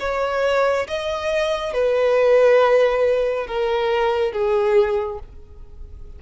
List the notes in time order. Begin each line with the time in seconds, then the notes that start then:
0.00 C#5
0.88 D#5
1.74 B4
3.47 A#4
4.32 G#4